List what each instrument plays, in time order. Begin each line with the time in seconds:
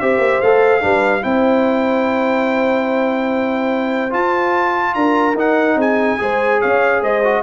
0.00 tuba C4, trombone G4, horn C5, trumpet E5
0.19 tuba A#3
0.41 tuba A3, trombone A4, trumpet F5
0.81 tuba G3, trombone D4, horn B4
1.22 tuba C4, trombone E4, horn C5, trumpet G5
4.11 trombone F4, tuba F4, trumpet A5
4.95 tuba D4, horn A#4, trumpet A#5
5.34 tuba D#4, trombone D#4, trumpet F#5
5.76 tuba C4, horn G#4, trumpet G#5
6.19 tuba G#3, trombone G#4, horn C5
6.61 tuba C#4, horn C#5, trumpet F5
7.02 tuba G#3, horn C5, trumpet D#5
7.24 trombone F#4